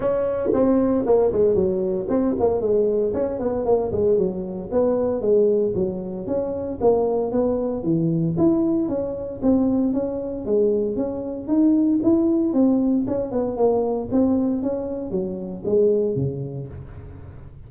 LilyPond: \new Staff \with { instrumentName = "tuba" } { \time 4/4 \tempo 4 = 115 cis'4 c'4 ais8 gis8 fis4 | c'8 ais8 gis4 cis'8 b8 ais8 gis8 | fis4 b4 gis4 fis4 | cis'4 ais4 b4 e4 |
e'4 cis'4 c'4 cis'4 | gis4 cis'4 dis'4 e'4 | c'4 cis'8 b8 ais4 c'4 | cis'4 fis4 gis4 cis4 | }